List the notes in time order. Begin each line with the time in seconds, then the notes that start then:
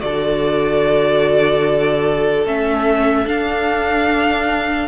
0.00 D3 F#4 A4 D5
2.45 A3 C#4 E5
3.25 D4 F5